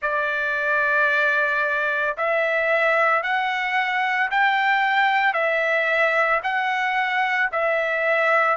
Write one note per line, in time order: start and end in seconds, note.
0.02 2.16 D5
2.17 3.22 E5
3.22 4.30 F#5
4.31 5.33 G5
5.33 6.40 E5
6.43 7.50 F#5
7.51 8.57 E5